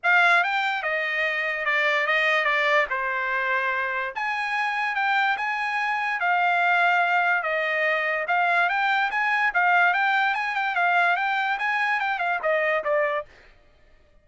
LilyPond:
\new Staff \with { instrumentName = "trumpet" } { \time 4/4 \tempo 4 = 145 f''4 g''4 dis''2 | d''4 dis''4 d''4 c''4~ | c''2 gis''2 | g''4 gis''2 f''4~ |
f''2 dis''2 | f''4 g''4 gis''4 f''4 | g''4 gis''8 g''8 f''4 g''4 | gis''4 g''8 f''8 dis''4 d''4 | }